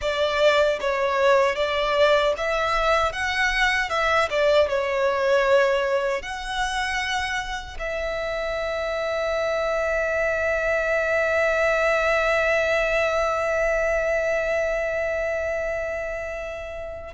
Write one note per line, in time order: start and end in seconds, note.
0.01 0.79 D5
0.80 1.55 C#5
1.55 2.33 D5
2.37 3.12 E5
3.12 3.89 F#5
3.89 4.28 E5
4.30 4.69 D5
4.69 6.21 C#5
6.21 7.77 F#5
7.79 17.14 E5